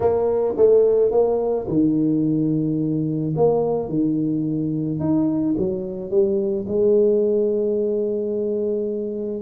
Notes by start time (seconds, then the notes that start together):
0.00 A#3
0.56 A3
1.11 A#3
1.67 D#3
3.36 A#3
3.88 D#3
4.99 D#4
5.57 F#3
6.10 G3
6.67 G#3